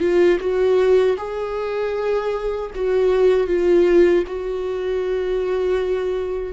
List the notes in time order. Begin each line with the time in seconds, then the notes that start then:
0.00 F4
0.40 F#4
1.17 G#4
2.76 F#4
3.47 F4
4.27 F#4